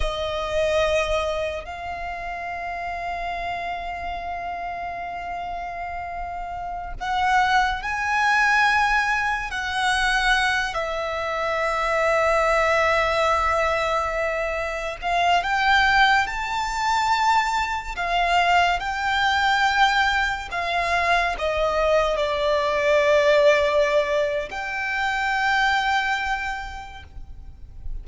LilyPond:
\new Staff \with { instrumentName = "violin" } { \time 4/4 \tempo 4 = 71 dis''2 f''2~ | f''1~ | f''16 fis''4 gis''2 fis''8.~ | fis''8. e''2.~ e''16~ |
e''4.~ e''16 f''8 g''4 a''8.~ | a''4~ a''16 f''4 g''4.~ g''16~ | g''16 f''4 dis''4 d''4.~ d''16~ | d''4 g''2. | }